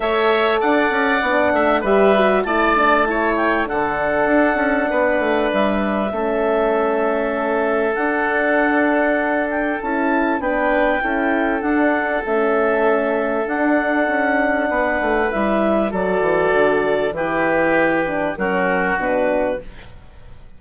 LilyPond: <<
  \new Staff \with { instrumentName = "clarinet" } { \time 4/4 \tempo 4 = 98 e''4 fis''2 e''4 | a''4. g''8 fis''2~ | fis''4 e''2.~ | e''4 fis''2~ fis''8 g''8 |
a''4 g''2 fis''4 | e''2 fis''2~ | fis''4 e''4 d''2 | b'2 ais'4 b'4 | }
  \new Staff \with { instrumentName = "oboe" } { \time 4/4 cis''4 d''4. e''8 b'4 | d''4 cis''4 a'2 | b'2 a'2~ | a'1~ |
a'4 b'4 a'2~ | a'1 | b'2 a'2 | g'2 fis'2 | }
  \new Staff \with { instrumentName = "horn" } { \time 4/4 a'2 d'4 g'8 fis'8 | e'8 d'8 e'4 d'2~ | d'2 cis'2~ | cis'4 d'2. |
e'4 d'4 e'4 d'4 | cis'2 d'2~ | d'4 e'4 fis'2 | e'4. d'8 cis'4 d'4 | }
  \new Staff \with { instrumentName = "bassoon" } { \time 4/4 a4 d'8 cis'8 b8 a8 g4 | a2 d4 d'8 cis'8 | b8 a8 g4 a2~ | a4 d'2. |
cis'4 b4 cis'4 d'4 | a2 d'4 cis'4 | b8 a8 g4 fis8 e8 d4 | e2 fis4 b,4 | }
>>